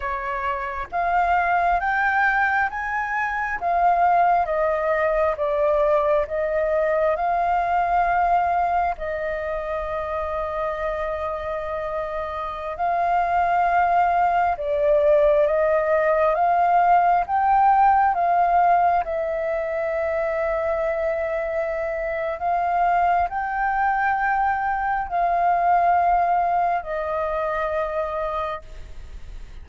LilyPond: \new Staff \with { instrumentName = "flute" } { \time 4/4 \tempo 4 = 67 cis''4 f''4 g''4 gis''4 | f''4 dis''4 d''4 dis''4 | f''2 dis''2~ | dis''2~ dis''16 f''4.~ f''16~ |
f''16 d''4 dis''4 f''4 g''8.~ | g''16 f''4 e''2~ e''8.~ | e''4 f''4 g''2 | f''2 dis''2 | }